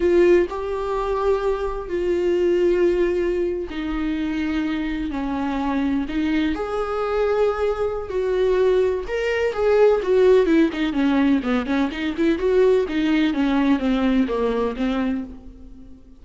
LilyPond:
\new Staff \with { instrumentName = "viola" } { \time 4/4 \tempo 4 = 126 f'4 g'2. | f'2.~ f'8. dis'16~ | dis'2~ dis'8. cis'4~ cis'16~ | cis'8. dis'4 gis'2~ gis'16~ |
gis'4 fis'2 ais'4 | gis'4 fis'4 e'8 dis'8 cis'4 | b8 cis'8 dis'8 e'8 fis'4 dis'4 | cis'4 c'4 ais4 c'4 | }